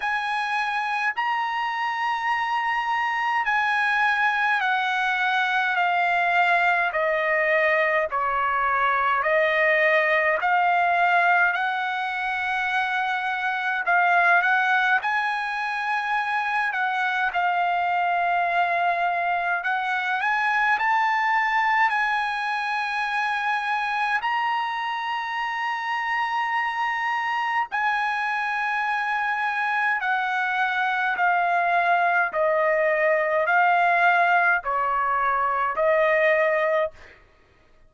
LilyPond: \new Staff \with { instrumentName = "trumpet" } { \time 4/4 \tempo 4 = 52 gis''4 ais''2 gis''4 | fis''4 f''4 dis''4 cis''4 | dis''4 f''4 fis''2 | f''8 fis''8 gis''4. fis''8 f''4~ |
f''4 fis''8 gis''8 a''4 gis''4~ | gis''4 ais''2. | gis''2 fis''4 f''4 | dis''4 f''4 cis''4 dis''4 | }